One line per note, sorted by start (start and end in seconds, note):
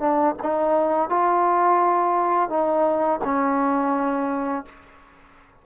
0.00 0.35 D4
0.43 1.10 D#4
1.10 2.50 F4
2.50 3.20 D#4
3.25 4.66 C#4